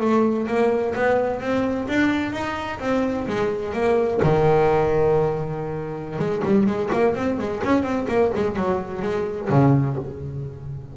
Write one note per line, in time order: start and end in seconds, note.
0.00 0.47 A3
0.47 0.94 A#3
0.95 1.41 B3
1.41 1.87 C4
1.88 2.32 D4
2.32 2.79 D#4
2.80 3.27 C4
3.27 3.73 G#3
3.73 4.20 A#3
4.23 6.19 D#3
6.19 6.42 G#3
6.45 6.66 G3
6.66 6.89 G#3
6.92 7.15 A#3
7.15 7.38 C4
7.38 7.62 G#3
7.64 7.83 C#4
7.83 8.06 C4
8.08 8.31 A#3
8.35 8.56 G#3
8.56 9.02 F#3
9.02 9.49 G#3
9.49 9.96 C#3